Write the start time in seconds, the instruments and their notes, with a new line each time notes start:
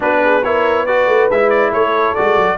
0.00 tuba B3, trombone D4, horn F#4, trumpet B4
0.23 horn G#4
0.43 trombone E4, horn A#4, trumpet C#5
0.84 trombone F#4, horn B4, trumpet D5
1.07 tuba A3
1.29 tuba G#3, trombone E4, trumpet E5
1.49 trumpet D5
1.70 tuba A3, horn A4, trumpet C#5
2.15 tuba G#3, trombone F#4, trumpet D5
2.37 tuba F#3